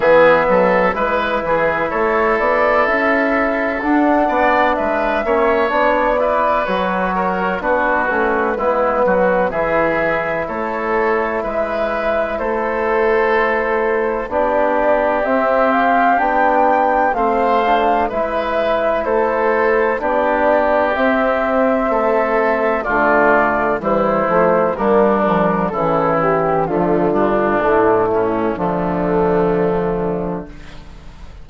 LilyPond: <<
  \new Staff \with { instrumentName = "flute" } { \time 4/4 \tempo 4 = 63 e''4 b'4 cis''8 d''8 e''4 | fis''4 e''4 d''4 cis''4 | b'2 e''4 cis''4 | e''4 c''2 d''4 |
e''8 f''8 g''4 f''4 e''4 | c''4 d''4 e''2 | d''4 c''4 ais'4 a'8 g'8 | f'4 e'4 d'2 | }
  \new Staff \with { instrumentName = "oboe" } { \time 4/4 gis'8 a'8 b'8 gis'8 a'2~ | a'8 d''8 b'8 cis''4 b'4 ais'8 | fis'4 e'8 fis'8 gis'4 a'4 | b'4 a'2 g'4~ |
g'2 c''4 b'4 | a'4 g'2 a'4 | f'4 e'4 d'4 e'4 | a8 d'4 cis'8 a2 | }
  \new Staff \with { instrumentName = "trombone" } { \time 4/4 b4 e'2. | d'4. cis'8 d'8 e'8 fis'4 | d'8 cis'8 b4 e'2~ | e'2. d'4 |
c'4 d'4 c'8 d'8 e'4~ | e'4 d'4 c'2 | a4 g8 a8 ais8 f8 e4 | f8 g8 a4 f2 | }
  \new Staff \with { instrumentName = "bassoon" } { \time 4/4 e8 fis8 gis8 e8 a8 b8 cis'4 | d'8 b8 gis8 ais8 b4 fis4 | b8 a8 gis8 fis8 e4 a4 | gis4 a2 b4 |
c'4 b4 a4 gis4 | a4 b4 c'4 a4 | d4 e8 f8 g4 cis4 | d4 a,4 d2 | }
>>